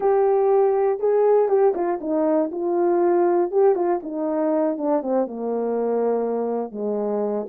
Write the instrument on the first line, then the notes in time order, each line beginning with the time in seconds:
horn
0.00 G4
0.99 G#4
1.48 G4
1.74 F4
2.00 D#4
2.51 F4
3.51 G4
3.75 F4
4.02 D#4
4.77 D4
5.02 C4
5.27 A#3
6.71 G#3